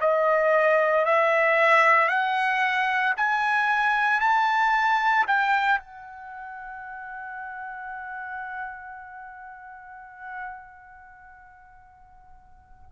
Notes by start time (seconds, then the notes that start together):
0.00 D#5
1.05 E5
2.08 F#5
3.16 G#5
4.20 A5
5.27 G5
5.78 F#5